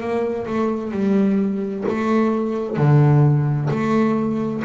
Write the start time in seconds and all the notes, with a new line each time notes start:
0.00 A#3
0.47 A3
0.91 G3
1.88 A3
2.77 D3
3.70 A3